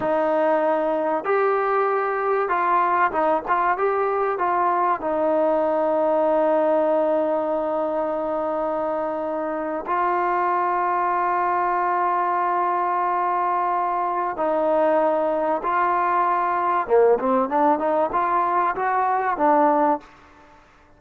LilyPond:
\new Staff \with { instrumentName = "trombone" } { \time 4/4 \tempo 4 = 96 dis'2 g'2 | f'4 dis'8 f'8 g'4 f'4 | dis'1~ | dis'2.~ dis'8. f'16~ |
f'1~ | f'2. dis'4~ | dis'4 f'2 ais8 c'8 | d'8 dis'8 f'4 fis'4 d'4 | }